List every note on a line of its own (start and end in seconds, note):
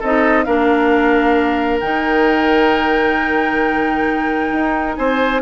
0.00 0.47 C4
0.00 0.46 D#4
0.00 0.45 A4
0.00 0.44 D#5
0.44 1.82 A#3
0.44 1.82 D4
0.44 4.97 A#4
0.44 1.80 F5
1.80 4.52 D#3
1.80 5.42 D#4
1.80 4.96 G5
4.52 4.97 D#4
4.96 5.42 C4
4.96 5.42 C5
4.96 5.41 G#5